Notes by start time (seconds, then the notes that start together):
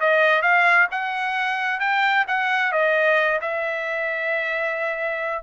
0.00 D#5
0.42 F5
0.91 F#5
1.80 G5
2.27 F#5
2.72 D#5
3.41 E5